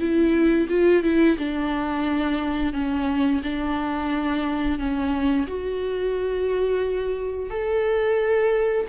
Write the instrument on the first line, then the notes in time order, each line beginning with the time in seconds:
viola
0.00 E4
0.69 F4
1.04 E4
1.38 D4
2.74 C#4
3.44 D4
4.79 C#4
5.48 F#4
7.50 A4